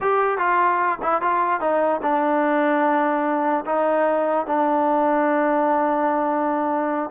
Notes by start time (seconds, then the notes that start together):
0.01 G4
0.38 F4
1.02 E4
1.21 F4
1.60 D#4
2.02 D4
3.65 D#4
4.46 D4